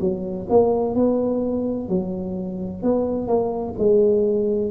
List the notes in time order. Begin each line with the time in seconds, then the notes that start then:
0.00 F#3
0.49 A#3
0.95 B3
1.88 F#3
2.82 B3
3.27 A#3
3.78 G#3